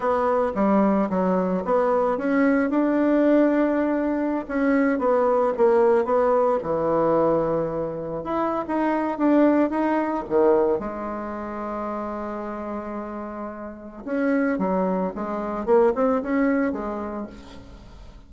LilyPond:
\new Staff \with { instrumentName = "bassoon" } { \time 4/4 \tempo 4 = 111 b4 g4 fis4 b4 | cis'4 d'2.~ | d'16 cis'4 b4 ais4 b8.~ | b16 e2. e'8. |
dis'4 d'4 dis'4 dis4 | gis1~ | gis2 cis'4 fis4 | gis4 ais8 c'8 cis'4 gis4 | }